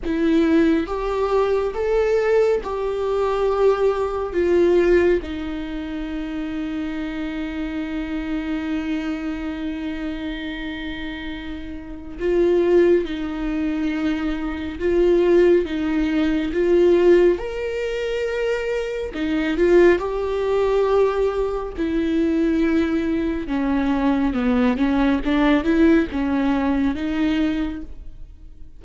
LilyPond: \new Staff \with { instrumentName = "viola" } { \time 4/4 \tempo 4 = 69 e'4 g'4 a'4 g'4~ | g'4 f'4 dis'2~ | dis'1~ | dis'2 f'4 dis'4~ |
dis'4 f'4 dis'4 f'4 | ais'2 dis'8 f'8 g'4~ | g'4 e'2 cis'4 | b8 cis'8 d'8 e'8 cis'4 dis'4 | }